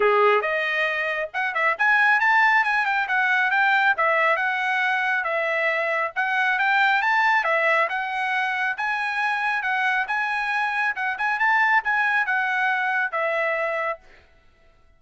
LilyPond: \new Staff \with { instrumentName = "trumpet" } { \time 4/4 \tempo 4 = 137 gis'4 dis''2 fis''8 e''8 | gis''4 a''4 gis''8 g''8 fis''4 | g''4 e''4 fis''2 | e''2 fis''4 g''4 |
a''4 e''4 fis''2 | gis''2 fis''4 gis''4~ | gis''4 fis''8 gis''8 a''4 gis''4 | fis''2 e''2 | }